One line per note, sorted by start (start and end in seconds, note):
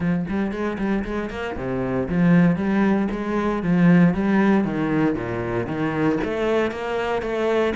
0.00 0.25 F3
0.28 0.51 G3
0.51 0.77 G#3
0.78 1.04 G3
1.04 1.30 G#3
1.30 1.56 A#3
1.56 2.08 C3
2.08 2.56 F3
2.56 3.08 G3
3.11 3.62 G#3
3.62 4.14 F3
4.14 4.64 G3
4.64 5.15 D#3
5.15 5.66 A#2
5.66 6.18 D#3
6.24 6.71 A3
6.71 7.22 A#3
7.22 7.73 A3